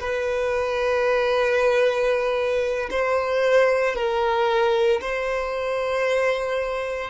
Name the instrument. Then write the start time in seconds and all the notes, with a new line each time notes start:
violin
0.00 B4
2.90 C5
3.95 A#4
5.01 C5